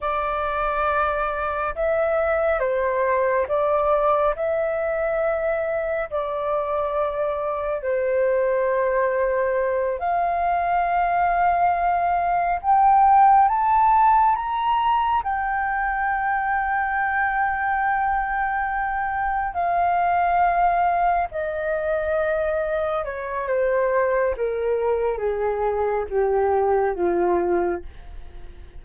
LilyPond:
\new Staff \with { instrumentName = "flute" } { \time 4/4 \tempo 4 = 69 d''2 e''4 c''4 | d''4 e''2 d''4~ | d''4 c''2~ c''8 f''8~ | f''2~ f''8 g''4 a''8~ |
a''8 ais''4 g''2~ g''8~ | g''2~ g''8 f''4.~ | f''8 dis''2 cis''8 c''4 | ais'4 gis'4 g'4 f'4 | }